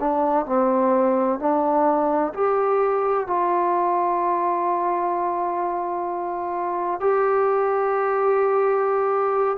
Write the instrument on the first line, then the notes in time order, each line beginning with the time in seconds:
trombone
0.00 D4
0.46 C4
1.39 D4
2.34 G4
3.27 F4
7.01 G4